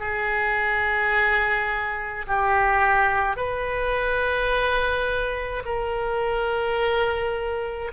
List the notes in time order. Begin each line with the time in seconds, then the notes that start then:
0.00 G#4
2.27 G4
3.37 B4
5.66 A#4